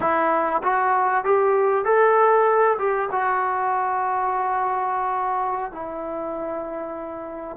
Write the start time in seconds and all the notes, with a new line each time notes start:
0.00 E4
0.63 F#4
1.24 G4
1.84 A4
2.78 G4
3.11 F#4
5.72 E4